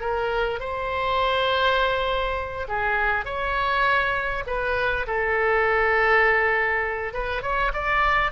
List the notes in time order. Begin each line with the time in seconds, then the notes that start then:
0.00 A#4
0.59 C5
2.68 G#4
3.25 C#5
4.46 B4
5.07 A4
7.13 B4
7.42 C#5
7.73 D5